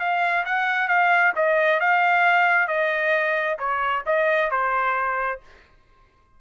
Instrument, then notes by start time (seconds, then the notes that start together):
trumpet
0.00 F5
0.46 F#5
0.89 F5
1.36 D#5
1.80 F5
2.68 D#5
3.59 C#5
4.06 D#5
4.51 C5